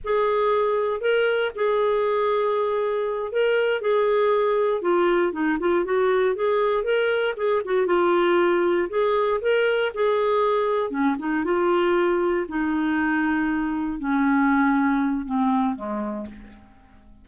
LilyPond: \new Staff \with { instrumentName = "clarinet" } { \time 4/4 \tempo 4 = 118 gis'2 ais'4 gis'4~ | gis'2~ gis'8 ais'4 gis'8~ | gis'4. f'4 dis'8 f'8 fis'8~ | fis'8 gis'4 ais'4 gis'8 fis'8 f'8~ |
f'4. gis'4 ais'4 gis'8~ | gis'4. cis'8 dis'8 f'4.~ | f'8 dis'2. cis'8~ | cis'2 c'4 gis4 | }